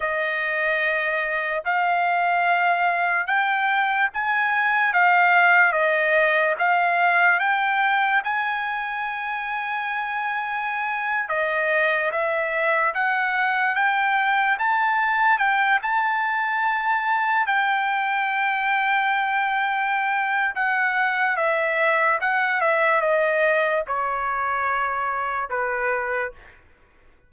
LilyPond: \new Staff \with { instrumentName = "trumpet" } { \time 4/4 \tempo 4 = 73 dis''2 f''2 | g''4 gis''4 f''4 dis''4 | f''4 g''4 gis''2~ | gis''4.~ gis''16 dis''4 e''4 fis''16~ |
fis''8. g''4 a''4 g''8 a''8.~ | a''4~ a''16 g''2~ g''8.~ | g''4 fis''4 e''4 fis''8 e''8 | dis''4 cis''2 b'4 | }